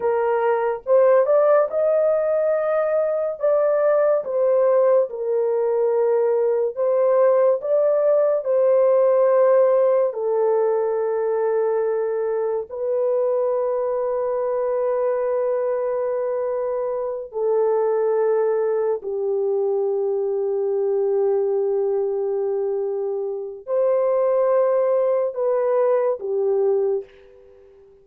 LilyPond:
\new Staff \with { instrumentName = "horn" } { \time 4/4 \tempo 4 = 71 ais'4 c''8 d''8 dis''2 | d''4 c''4 ais'2 | c''4 d''4 c''2 | a'2. b'4~ |
b'1~ | b'8 a'2 g'4.~ | g'1 | c''2 b'4 g'4 | }